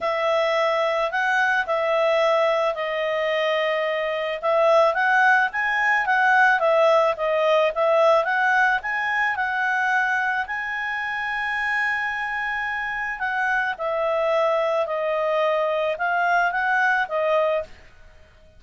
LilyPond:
\new Staff \with { instrumentName = "clarinet" } { \time 4/4 \tempo 4 = 109 e''2 fis''4 e''4~ | e''4 dis''2. | e''4 fis''4 gis''4 fis''4 | e''4 dis''4 e''4 fis''4 |
gis''4 fis''2 gis''4~ | gis''1 | fis''4 e''2 dis''4~ | dis''4 f''4 fis''4 dis''4 | }